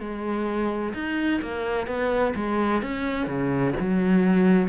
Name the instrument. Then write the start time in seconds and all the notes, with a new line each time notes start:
cello
0.00 G#3
0.94 D#4
1.42 A#3
1.87 B3
2.36 G#3
2.83 C#4
3.27 C#3
3.80 F#3